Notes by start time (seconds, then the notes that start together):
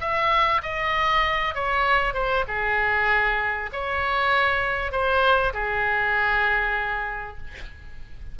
0.00 E5
0.62 D#5
1.54 C#5
2.13 C5
2.48 G#4
3.72 C#5
4.91 C5
5.53 G#4